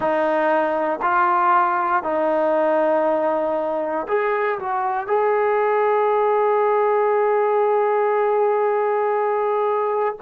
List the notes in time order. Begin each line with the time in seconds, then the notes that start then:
0.00 D#4
1.02 F4
2.03 D#4
4.07 G#4
4.59 F#4
5.07 G#4